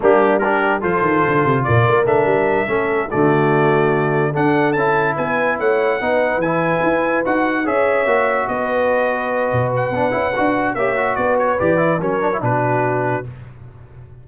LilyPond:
<<
  \new Staff \with { instrumentName = "trumpet" } { \time 4/4 \tempo 4 = 145 g'4 ais'4 c''2 | d''4 e''2~ e''8 d''8~ | d''2~ d''8 fis''4 a''8~ | a''8 gis''4 fis''2 gis''8~ |
gis''4. fis''4 e''4.~ | e''8 dis''2. fis''8~ | fis''2 e''4 d''8 cis''8 | d''4 cis''4 b'2 | }
  \new Staff \with { instrumentName = "horn" } { \time 4/4 d'4 g'4 a'2 | ais'2~ ais'8 a'4 fis'8~ | fis'2~ fis'8 a'4.~ | a'8 b'4 cis''4 b'4.~ |
b'2~ b'8 cis''4.~ | cis''8 b'2.~ b'8~ | b'2 cis''4 b'4~ | b'4 ais'4 fis'2 | }
  \new Staff \with { instrumentName = "trombone" } { \time 4/4 ais4 d'4 f'2~ | f'4 d'4. cis'4 a8~ | a2~ a8 d'4 e'8~ | e'2~ e'8 dis'4 e'8~ |
e'4. fis'4 gis'4 fis'8~ | fis'1 | d'8 e'8 fis'4 g'8 fis'4. | g'8 e'8 cis'8 d'16 e'16 d'2 | }
  \new Staff \with { instrumentName = "tuba" } { \time 4/4 g2 f8 dis8 d8 c8 | ais,8 ais8 a8 g4 a4 d8~ | d2~ d8 d'4 cis'8~ | cis'8 b4 a4 b4 e8~ |
e8 e'4 dis'4 cis'4 ais8~ | ais8 b2~ b8 b,4 | b8 cis'8 d'4 ais4 b4 | e4 fis4 b,2 | }
>>